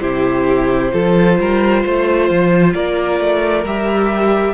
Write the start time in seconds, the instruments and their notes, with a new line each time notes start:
0.00 cello C3, viola E4, violin G4 C5
0.91 cello F3, viola F4, violin A4
1.39 cello G3, violin A#4
1.82 cello A3, violin C5
2.30 cello F3
2.73 cello A#3, violin A#4 D5
3.19 cello A3
3.64 cello G3, viola G4, violin E5